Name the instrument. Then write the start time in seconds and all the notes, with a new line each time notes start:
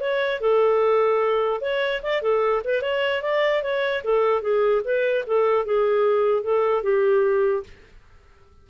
clarinet
0.00 C#5
0.40 A4
1.61 C#5
2.02 D5
2.21 A4
2.64 B4
2.82 C#5
3.22 D5
3.62 C#5
4.03 A4
4.41 G#4
4.84 B4
5.26 A4
5.65 G#4
6.43 A4
6.83 G4